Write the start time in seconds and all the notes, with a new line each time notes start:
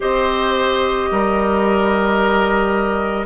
0.00 C4 G4 C5 D#5
1.11 G3 A#4